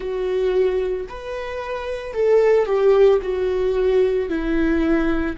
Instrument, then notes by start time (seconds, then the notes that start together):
viola
0.00 F#4
1.08 B4
2.13 A4
2.65 G4
3.21 F#4
4.29 E4